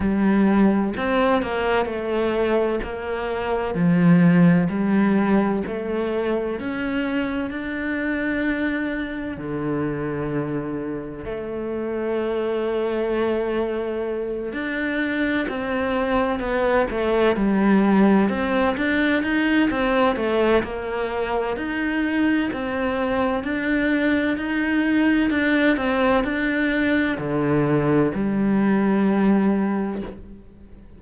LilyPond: \new Staff \with { instrumentName = "cello" } { \time 4/4 \tempo 4 = 64 g4 c'8 ais8 a4 ais4 | f4 g4 a4 cis'4 | d'2 d2 | a2.~ a8 d'8~ |
d'8 c'4 b8 a8 g4 c'8 | d'8 dis'8 c'8 a8 ais4 dis'4 | c'4 d'4 dis'4 d'8 c'8 | d'4 d4 g2 | }